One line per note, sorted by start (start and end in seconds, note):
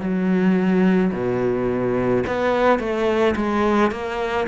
0.00 1.11 F#3
1.12 2.23 B2
2.26 2.79 B3
2.79 3.34 A3
3.36 3.91 G#3
3.91 4.46 A#3